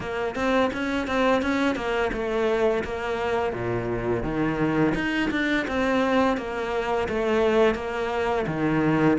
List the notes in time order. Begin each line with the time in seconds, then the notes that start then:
0.00 A#3
0.35 C4
0.73 C#4
1.07 C4
1.41 C#4
1.75 A#3
2.12 A3
2.84 A#3
3.52 A#2
4.23 D#3
4.94 D#4
5.31 D4
5.67 C4
6.37 A#3
7.08 A3
7.75 A#3
8.46 D#3